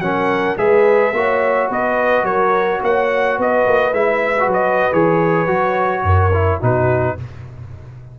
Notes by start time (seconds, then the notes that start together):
0.00 F#3 C#4 A#4 F#5
0.57 G#3 G#4 B4 E5
1.13 A#3 F#4 C#5
1.69 B3 B4 D#5
2.24 F#3 A#4 C#5
2.83 A#3 C#5 F#5
3.38 B3 B4 D#5
3.67 A#3
3.93 G#3 E4 E5
4.40 F#4
4.47 F#3
4.54 D#5
4.93 E3 G#4 C#5
5.48 F#3 F#4
6.04 F#2 A#4
6.34 E4
6.60 B2 D#4 F#4 B4